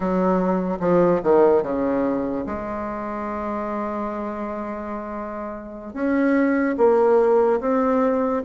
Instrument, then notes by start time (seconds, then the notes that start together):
bassoon
0.00 F#3
0.80 F3
1.23 D#3
1.63 C#3
2.46 G#3
5.93 C#4
6.77 A#3
7.60 C4